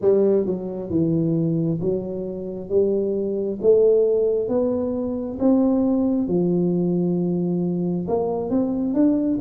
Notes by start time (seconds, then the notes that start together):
0.01 G3
0.46 F#3
0.90 E3
1.80 F#3
2.69 G3
3.61 A3
4.48 B3
5.39 C4
6.27 F3
8.08 A#3
8.50 C4
8.93 D4